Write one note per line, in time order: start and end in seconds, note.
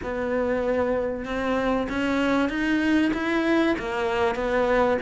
0.03 1.25 B3
1.25 1.87 C4
1.89 2.49 C#4
2.49 3.11 D#4
3.13 3.76 E4
3.78 4.35 A#3
4.35 4.97 B3